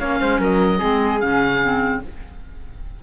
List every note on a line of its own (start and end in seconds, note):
0.00 0.21 A#3
0.00 0.79 C#4
0.00 0.20 C#5
0.00 0.41 F5
0.20 0.40 G#3
0.20 0.40 C5
0.40 0.80 F#3
0.40 0.79 A#4
0.40 1.21 D#5
0.79 1.23 G#3
0.79 1.20 C4
0.79 2.00 G#4
1.21 2.04 C#3
1.21 1.62 C#4
1.21 2.02 F5
1.62 2.02 C4